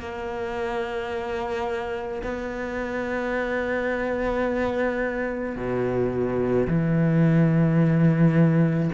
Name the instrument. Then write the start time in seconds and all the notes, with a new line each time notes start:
cello
0.00 A#3
2.24 B3
5.57 B2
6.68 E3